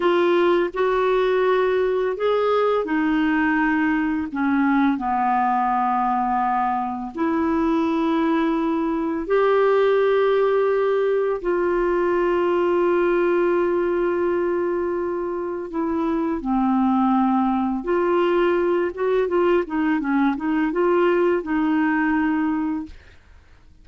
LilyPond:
\new Staff \with { instrumentName = "clarinet" } { \time 4/4 \tempo 4 = 84 f'4 fis'2 gis'4 | dis'2 cis'4 b4~ | b2 e'2~ | e'4 g'2. |
f'1~ | f'2 e'4 c'4~ | c'4 f'4. fis'8 f'8 dis'8 | cis'8 dis'8 f'4 dis'2 | }